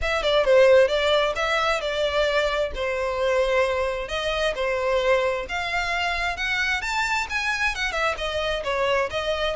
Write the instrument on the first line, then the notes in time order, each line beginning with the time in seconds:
violin
0.01 E5
0.23 D5
0.44 C5
0.88 D5
1.35 E5
1.80 D5
2.74 C5
4.08 D#5
4.55 C5
5.49 F5
6.36 F#5
6.81 A5
7.29 G#5
7.75 F#5
7.92 E5
8.17 D#5
8.64 C#5
9.10 D#5